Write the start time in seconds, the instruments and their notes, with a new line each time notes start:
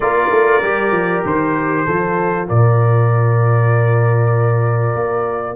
0.00 tuba A#3, trombone F4, horn A#4, trumpet D5
0.30 tuba A3
0.62 tuba G3, trombone G4
0.91 tuba F3
1.25 tuba D#3, trumpet C5
1.85 tuba F3, trombone F4, horn A4
2.47 tuba A#2, horn A#4, trumpet D5
4.94 tuba A#3